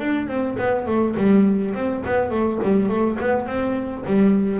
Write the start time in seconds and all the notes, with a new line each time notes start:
0.00 D4
0.29 C4
0.59 B3
0.87 A3
1.17 G3
1.75 C4
2.06 B3
2.31 A3
2.63 G3
2.89 A3
3.20 B3
3.47 C4
4.07 G3